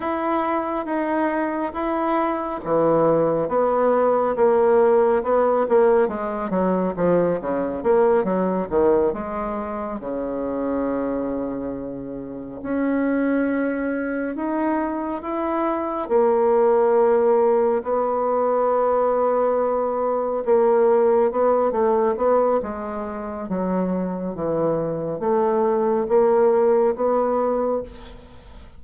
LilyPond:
\new Staff \with { instrumentName = "bassoon" } { \time 4/4 \tempo 4 = 69 e'4 dis'4 e'4 e4 | b4 ais4 b8 ais8 gis8 fis8 | f8 cis8 ais8 fis8 dis8 gis4 cis8~ | cis2~ cis8 cis'4.~ |
cis'8 dis'4 e'4 ais4.~ | ais8 b2. ais8~ | ais8 b8 a8 b8 gis4 fis4 | e4 a4 ais4 b4 | }